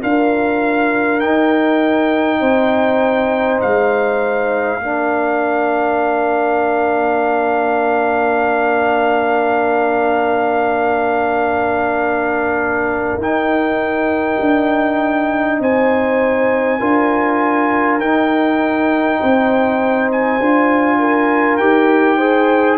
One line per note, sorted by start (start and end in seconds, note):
0.00 1.20 D4
0.00 1.20 F4
0.00 2.39 A#4
0.00 1.20 F5
1.20 4.80 D#4
1.20 2.40 D#4
1.20 3.60 G5
2.39 3.60 C4
2.39 4.79 C5
3.60 4.78 G#3
3.60 13.20 F5
4.78 13.17 A#3
4.78 13.21 D4
4.78 15.60 A#4
13.17 14.37 D#4
13.17 16.80 D#4
13.17 15.62 G5
14.39 15.59 D4
15.59 16.79 C4
15.59 16.79 C5
15.59 18.00 G#5
16.79 17.98 D4
16.79 18.00 F4
16.79 19.19 A#4
17.98 19.18 D#4
17.98 20.40 D#4
17.98 20.09 G5
19.20 20.39 C4
19.20 20.98 C5
20.11 21.57 G#5
20.39 21.59 D4
20.39 21.60 F4
20.98 22.17 A#4
21.57 22.78 D#4
21.57 22.20 G4
21.57 22.77 G5
22.17 22.78 G#4
22.17 22.77 C5